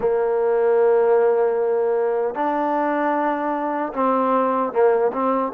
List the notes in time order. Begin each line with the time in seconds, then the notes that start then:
0.00 A#3
2.35 D4
3.93 C4
4.72 A#3
5.12 C4